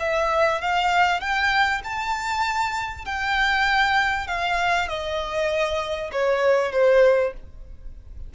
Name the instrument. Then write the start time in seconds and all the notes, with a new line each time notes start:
violin
0.00 E5
0.62 F5
1.21 G5
1.84 A5
3.06 G5
4.27 F5
4.89 D#5
6.13 C#5
6.72 C5